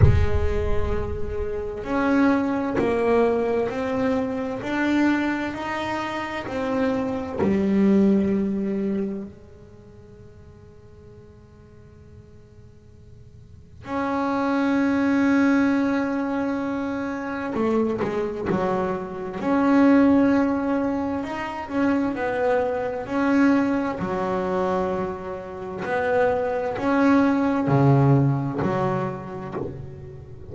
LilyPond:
\new Staff \with { instrumentName = "double bass" } { \time 4/4 \tempo 4 = 65 gis2 cis'4 ais4 | c'4 d'4 dis'4 c'4 | g2 gis2~ | gis2. cis'4~ |
cis'2. a8 gis8 | fis4 cis'2 dis'8 cis'8 | b4 cis'4 fis2 | b4 cis'4 cis4 fis4 | }